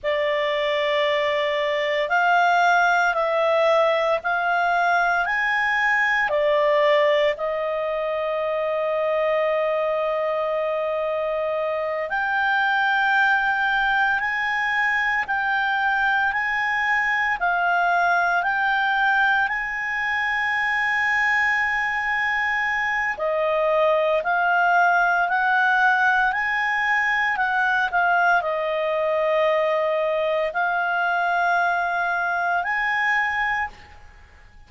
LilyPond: \new Staff \with { instrumentName = "clarinet" } { \time 4/4 \tempo 4 = 57 d''2 f''4 e''4 | f''4 gis''4 d''4 dis''4~ | dis''2.~ dis''8 g''8~ | g''4. gis''4 g''4 gis''8~ |
gis''8 f''4 g''4 gis''4.~ | gis''2 dis''4 f''4 | fis''4 gis''4 fis''8 f''8 dis''4~ | dis''4 f''2 gis''4 | }